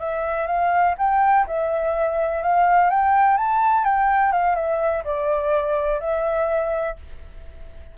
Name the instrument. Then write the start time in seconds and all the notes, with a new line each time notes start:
flute
0.00 E5
0.47 F5
0.98 G5
1.47 E5
2.43 F5
2.90 G5
3.38 A5
3.85 G5
4.32 F5
4.55 E5
5.05 D5
6.00 E5